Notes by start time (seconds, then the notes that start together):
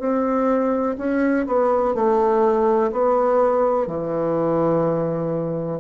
0.00 C4
0.98 C#4
1.47 B3
1.95 A3
2.92 B3
3.88 E3